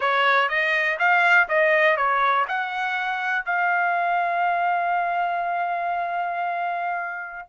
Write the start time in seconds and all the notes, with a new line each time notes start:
0.00 C#5
0.49 D#5
0.99 F5
1.48 D#5
1.96 C#5
2.47 F#5
3.45 F5